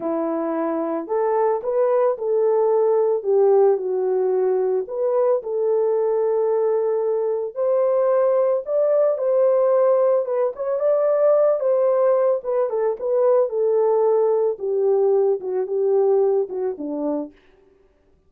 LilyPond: \new Staff \with { instrumentName = "horn" } { \time 4/4 \tempo 4 = 111 e'2 a'4 b'4 | a'2 g'4 fis'4~ | fis'4 b'4 a'2~ | a'2 c''2 |
d''4 c''2 b'8 cis''8 | d''4. c''4. b'8 a'8 | b'4 a'2 g'4~ | g'8 fis'8 g'4. fis'8 d'4 | }